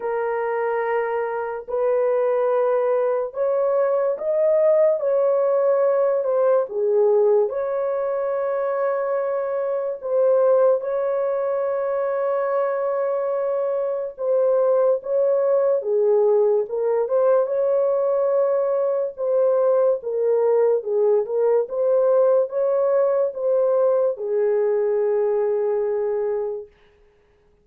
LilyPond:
\new Staff \with { instrumentName = "horn" } { \time 4/4 \tempo 4 = 72 ais'2 b'2 | cis''4 dis''4 cis''4. c''8 | gis'4 cis''2. | c''4 cis''2.~ |
cis''4 c''4 cis''4 gis'4 | ais'8 c''8 cis''2 c''4 | ais'4 gis'8 ais'8 c''4 cis''4 | c''4 gis'2. | }